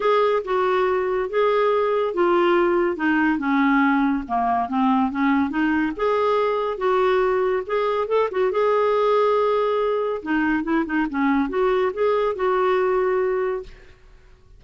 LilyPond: \new Staff \with { instrumentName = "clarinet" } { \time 4/4 \tempo 4 = 141 gis'4 fis'2 gis'4~ | gis'4 f'2 dis'4 | cis'2 ais4 c'4 | cis'4 dis'4 gis'2 |
fis'2 gis'4 a'8 fis'8 | gis'1 | dis'4 e'8 dis'8 cis'4 fis'4 | gis'4 fis'2. | }